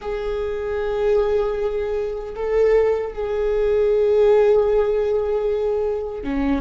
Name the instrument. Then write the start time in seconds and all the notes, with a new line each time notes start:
viola
0.01 G#4
2.36 A4
3.13 G#4
6.23 C#4